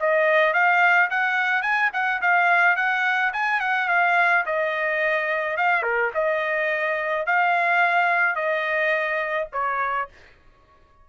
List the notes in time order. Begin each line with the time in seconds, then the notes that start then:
0.00 D#5
0.54 F5
1.11 F#5
1.63 G#5
1.93 F#5
2.22 F5
2.77 F#5
3.33 G#5
3.61 F#5
3.89 F5
4.46 D#5
5.58 F5
5.83 A#4
6.15 D#5
7.27 F5
8.36 D#5
9.53 C#5